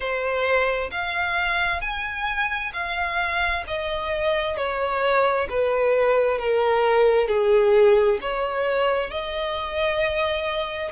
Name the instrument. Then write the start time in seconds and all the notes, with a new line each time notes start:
violin
0.00 C5
0.91 F5
1.81 G#5
2.73 F5
3.67 D#5
4.57 C#5
5.49 B4
6.38 A#4
7.27 G#4
8.21 C#5
9.10 D#5